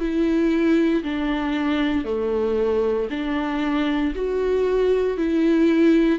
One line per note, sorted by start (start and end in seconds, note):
0.00 1.03 E4
1.04 2.05 D4
2.05 3.08 A3
3.10 4.14 D4
4.15 5.18 F#4
5.18 6.19 E4